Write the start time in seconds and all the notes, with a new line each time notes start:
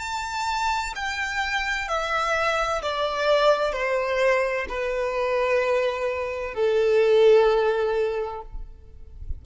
0.00 A5
0.96 G5
1.88 E5
2.83 D5
3.73 C5
4.69 B4
6.55 A4